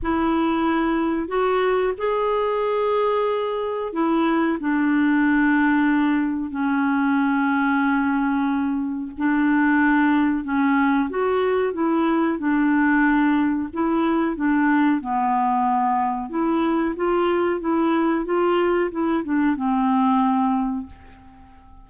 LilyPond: \new Staff \with { instrumentName = "clarinet" } { \time 4/4 \tempo 4 = 92 e'2 fis'4 gis'4~ | gis'2 e'4 d'4~ | d'2 cis'2~ | cis'2 d'2 |
cis'4 fis'4 e'4 d'4~ | d'4 e'4 d'4 b4~ | b4 e'4 f'4 e'4 | f'4 e'8 d'8 c'2 | }